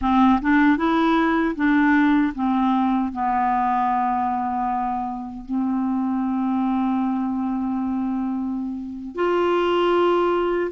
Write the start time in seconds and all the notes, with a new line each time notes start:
0.01 C4
0.41 D4
0.77 E4
1.55 D4
2.34 C4
3.12 B3
5.45 C4
9.15 F4